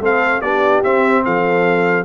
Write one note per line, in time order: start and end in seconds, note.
0.00 0.41 A3
0.00 0.43 C4
0.00 0.41 A4
0.00 0.41 F5
0.41 0.82 B3
0.41 0.84 D4
0.41 1.23 G4
0.41 0.82 D5
0.83 2.05 C4
0.83 1.25 C4
0.83 1.24 E5
1.25 2.05 F3
1.25 2.05 A4
1.25 2.05 F5